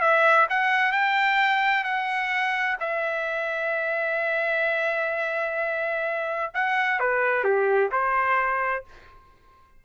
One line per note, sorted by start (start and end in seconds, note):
0.00 0.47 E5
0.49 0.92 F#5
0.92 1.84 G5
1.84 2.77 F#5
2.80 6.52 E5
6.53 6.99 F#5
6.99 7.44 B4
7.44 7.90 G4
7.91 8.84 C5